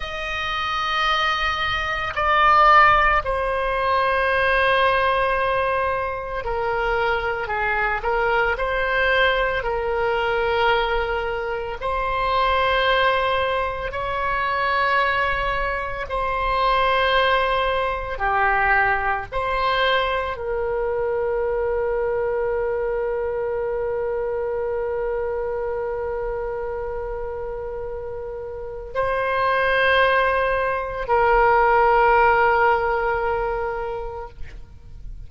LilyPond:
\new Staff \with { instrumentName = "oboe" } { \time 4/4 \tempo 4 = 56 dis''2 d''4 c''4~ | c''2 ais'4 gis'8 ais'8 | c''4 ais'2 c''4~ | c''4 cis''2 c''4~ |
c''4 g'4 c''4 ais'4~ | ais'1~ | ais'2. c''4~ | c''4 ais'2. | }